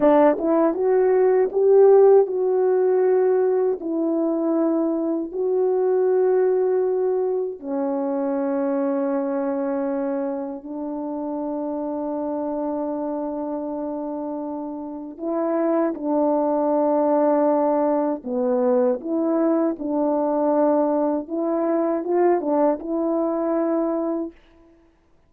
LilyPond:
\new Staff \with { instrumentName = "horn" } { \time 4/4 \tempo 4 = 79 d'8 e'8 fis'4 g'4 fis'4~ | fis'4 e'2 fis'4~ | fis'2 cis'2~ | cis'2 d'2~ |
d'1 | e'4 d'2. | b4 e'4 d'2 | e'4 f'8 d'8 e'2 | }